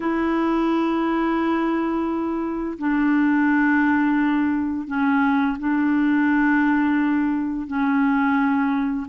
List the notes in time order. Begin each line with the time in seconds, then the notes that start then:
0.00 E4
2.78 D4
4.87 C#4
5.58 D4
7.67 C#4